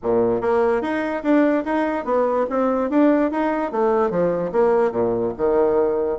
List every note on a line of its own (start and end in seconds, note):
0.02 0.41 A#2
0.41 0.81 A#3
0.81 1.22 D#4
1.23 1.64 D4
1.64 2.04 D#4
2.04 2.45 B3
2.49 2.90 C4
2.90 3.31 D4
3.31 3.71 D#4
3.71 4.10 A3
4.10 4.51 F3
4.52 4.91 A#3
4.91 5.32 A#2
5.37 6.18 D#3